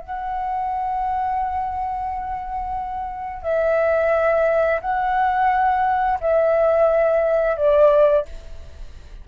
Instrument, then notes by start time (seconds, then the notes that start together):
flute
0.00 F#5
3.43 E5
4.81 F#5
6.21 E5
7.57 D5